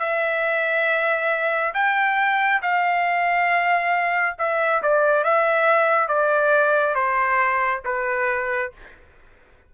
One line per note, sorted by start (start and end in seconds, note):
0.00 1.74 E5
1.75 2.62 G5
2.63 4.37 F5
4.39 4.83 E5
4.83 5.25 D5
5.25 6.09 E5
6.09 6.95 D5
6.95 7.82 C5
7.85 8.72 B4